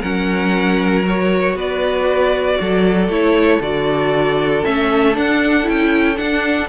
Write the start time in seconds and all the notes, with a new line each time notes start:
0.00 F#3 C#4 A#4 F#5
1.03 F#4 C#5
1.55 B3 B4 D5
2.60 F#3 A4
3.08 A3 E4 C#5
3.60 D3 F#4 D5
4.63 A3 C#4 E5
5.13 D4 F#5
5.63 C#4 E4 G5
6.17 D4 F#5